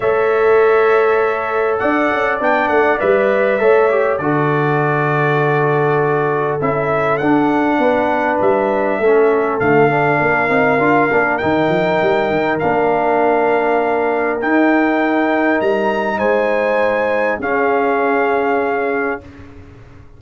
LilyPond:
<<
  \new Staff \with { instrumentName = "trumpet" } { \time 4/4 \tempo 4 = 100 e''2. fis''4 | g''8 fis''8 e''2 d''4~ | d''2. e''4 | fis''2 e''2 |
f''2. g''4~ | g''4 f''2. | g''2 ais''4 gis''4~ | gis''4 f''2. | }
  \new Staff \with { instrumentName = "horn" } { \time 4/4 cis''2. d''4~ | d''2 cis''4 a'4~ | a'1~ | a'4 b'2 a'4~ |
a'4 ais'2.~ | ais'1~ | ais'2. c''4~ | c''4 gis'2. | }
  \new Staff \with { instrumentName = "trombone" } { \time 4/4 a'1 | d'4 b'4 a'8 g'8 fis'4~ | fis'2. e'4 | d'2. cis'4 |
a8 d'4 dis'8 f'8 d'8 dis'4~ | dis'4 d'2. | dis'1~ | dis'4 cis'2. | }
  \new Staff \with { instrumentName = "tuba" } { \time 4/4 a2. d'8 cis'8 | b8 a8 g4 a4 d4~ | d2. cis'4 | d'4 b4 g4 a4 |
d4 ais8 c'8 d'8 ais8 dis8 f8 | g8 dis8 ais2. | dis'2 g4 gis4~ | gis4 cis'2. | }
>>